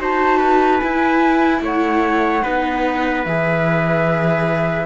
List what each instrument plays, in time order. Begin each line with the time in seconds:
0.00 cello D#4, viola F#4, trumpet C5, flute A5
0.38 trumpet B4
0.80 viola E4, cello E4, flute G#5
1.61 cello A3, trumpet C#5, flute F#5
2.43 cello B3, viola D#4, trumpet B4
3.26 cello E3, viola G#4, flute E5